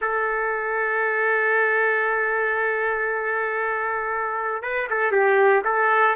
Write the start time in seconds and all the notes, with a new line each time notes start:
0.01 A4
4.62 B4
4.90 A4
5.11 G4
5.64 A4